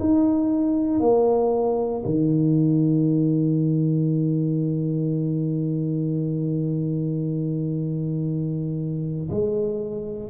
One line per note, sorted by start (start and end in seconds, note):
0.00 1.01 D#4
1.01 2.04 A#3
2.06 9.30 D#3
9.31 10.30 G#3